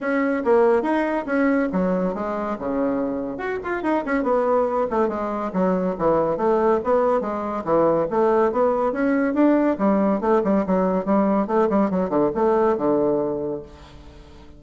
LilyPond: \new Staff \with { instrumentName = "bassoon" } { \time 4/4 \tempo 4 = 141 cis'4 ais4 dis'4 cis'4 | fis4 gis4 cis2 | fis'8 f'8 dis'8 cis'8 b4. a8 | gis4 fis4 e4 a4 |
b4 gis4 e4 a4 | b4 cis'4 d'4 g4 | a8 g8 fis4 g4 a8 g8 | fis8 d8 a4 d2 | }